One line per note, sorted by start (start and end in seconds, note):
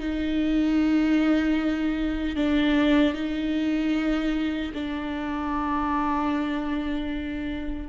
0.00 2.36 D#4
2.36 3.14 D4
3.14 4.72 D#4
4.74 7.89 D4